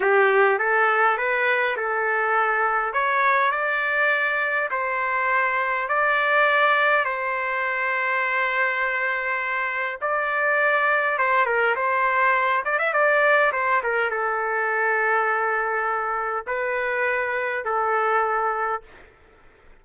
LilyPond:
\new Staff \with { instrumentName = "trumpet" } { \time 4/4 \tempo 4 = 102 g'4 a'4 b'4 a'4~ | a'4 cis''4 d''2 | c''2 d''2 | c''1~ |
c''4 d''2 c''8 ais'8 | c''4. d''16 e''16 d''4 c''8 ais'8 | a'1 | b'2 a'2 | }